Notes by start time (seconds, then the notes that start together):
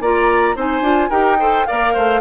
0.00 A#3 F4 D5 A#5
0.56 C4 D#4 C5 G#5
0.81 D4 F4
1.09 D#4 G4 A#4 G5
1.39 A4 C5
1.66 A#3 A#4 D5 F5
1.93 A3 C5